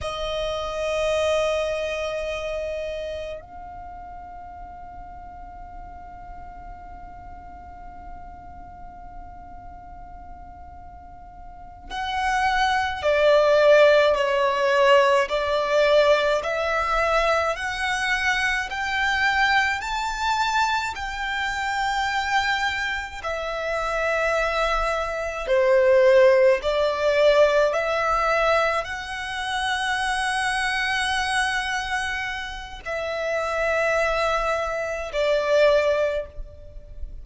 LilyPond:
\new Staff \with { instrumentName = "violin" } { \time 4/4 \tempo 4 = 53 dis''2. f''4~ | f''1~ | f''2~ f''8 fis''4 d''8~ | d''8 cis''4 d''4 e''4 fis''8~ |
fis''8 g''4 a''4 g''4.~ | g''8 e''2 c''4 d''8~ | d''8 e''4 fis''2~ fis''8~ | fis''4 e''2 d''4 | }